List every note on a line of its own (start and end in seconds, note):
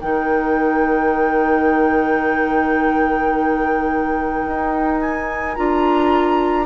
0.00 4.45 D#3
0.00 5.56 D#4
0.00 6.65 A#4
0.00 5.00 G5
4.45 5.56 D#4
5.00 5.55 G#5
5.55 6.65 D4
5.55 6.65 F4
5.55 6.65 A#5